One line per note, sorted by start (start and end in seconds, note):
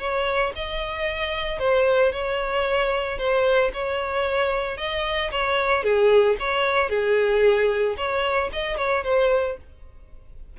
0.00 0.53 C#5
0.56 1.60 D#5
1.60 2.13 C5
2.13 3.18 C#5
3.18 3.71 C5
3.74 4.78 C#5
4.78 5.31 D#5
5.32 5.84 C#5
5.84 6.37 G#4
6.40 6.90 C#5
6.90 7.96 G#4
7.97 8.51 C#5
8.53 8.78 D#5
8.78 9.04 C#5
9.04 9.57 C5